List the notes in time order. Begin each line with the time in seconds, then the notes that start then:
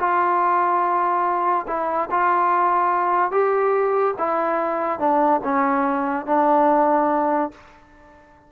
0.00 F4
1.68 E4
2.11 F4
3.32 G4
4.19 E4
5.00 D4
5.44 C#4
6.27 D4